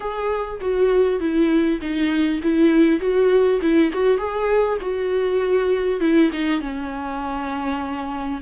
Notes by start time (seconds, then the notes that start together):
0.00 G#4
0.60 F#4
1.19 E4
1.81 D#4
2.42 E4
3.00 F#4
3.61 E4
3.92 F#4
4.17 G#4
4.81 F#4
6.00 E4
6.32 D#4
6.60 C#4